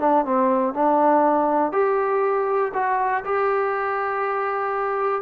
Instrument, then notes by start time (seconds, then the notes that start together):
trombone
0.00 D4
0.25 C4
0.74 D4
1.72 G4
2.74 F#4
3.25 G4